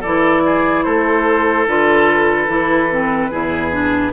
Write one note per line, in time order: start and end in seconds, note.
0.00 0.85 E3
0.00 1.67 E4
0.00 0.41 A4
0.00 0.83 D5
0.45 0.84 G#4
0.83 1.67 A3
0.83 3.30 A4
0.83 1.65 C5
1.67 2.47 D3
1.67 2.47 F4
1.67 4.12 B4
2.47 3.30 E3
2.47 2.88 E4
2.90 3.31 C4
3.30 4.12 E2
3.30 3.71 E4
3.30 4.12 G#4
3.71 4.12 D4